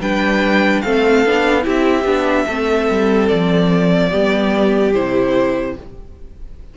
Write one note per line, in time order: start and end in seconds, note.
0.00 0.82 G3
0.00 0.84 D4
0.00 0.84 B4
0.00 0.82 G5
0.82 1.26 A3
0.82 1.26 C4
0.82 1.65 A4
0.82 1.64 F5
1.26 1.67 B3
1.26 1.62 D4
1.62 2.04 C4
1.62 2.03 E4
1.62 2.47 G4
1.69 3.29 E5
2.04 2.45 B3
2.04 2.47 D4
2.47 2.90 A3
2.47 4.11 C4
2.47 4.10 A4
2.90 3.32 G3
3.29 4.13 F3
3.29 4.93 D5
4.10 4.95 G3
4.10 4.93 B3
4.10 5.74 G4
4.94 5.77 C3
4.94 5.76 E4
4.94 5.76 C5